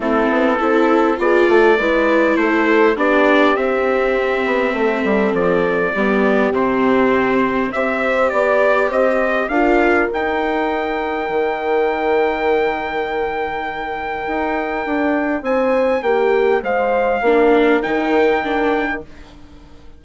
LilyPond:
<<
  \new Staff \with { instrumentName = "trumpet" } { \time 4/4 \tempo 4 = 101 a'2 d''2 | c''4 d''4 e''2~ | e''4 d''2 c''4~ | c''4 e''4 d''4 dis''4 |
f''4 g''2.~ | g''1~ | g''2 gis''4 g''4 | f''2 g''2 | }
  \new Staff \with { instrumentName = "horn" } { \time 4/4 e'4 a'4 gis'8 a'8 b'4 | a'4 g'2. | a'2 g'2~ | g'4 c''4 d''4 c''4 |
ais'1~ | ais'1~ | ais'2 c''4 g'4 | c''4 ais'2. | }
  \new Staff \with { instrumentName = "viola" } { \time 4/4 c'4 e'4 f'4 e'4~ | e'4 d'4 c'2~ | c'2 b4 c'4~ | c'4 g'2. |
f'4 dis'2.~ | dis'1~ | dis'1~ | dis'4 d'4 dis'4 d'4 | }
  \new Staff \with { instrumentName = "bassoon" } { \time 4/4 a8 b8 c'4 b8 a8 gis4 | a4 b4 c'4. b8 | a8 g8 f4 g4 c4~ | c4 c'4 b4 c'4 |
d'4 dis'2 dis4~ | dis1 | dis'4 d'4 c'4 ais4 | gis4 ais4 dis2 | }
>>